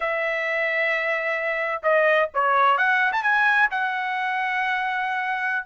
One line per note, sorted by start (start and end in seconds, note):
0.00 1.81 E5
1.83 2.29 D#5
2.33 2.77 C#5
2.77 3.12 F#5
3.12 3.22 A5
3.22 3.69 G#5
3.70 5.66 F#5